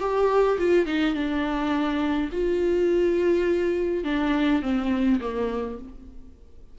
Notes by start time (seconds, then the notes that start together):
0.00 G4
0.58 F4
0.86 D#4
1.14 D4
2.32 F4
4.04 D4
4.62 C4
5.20 A#3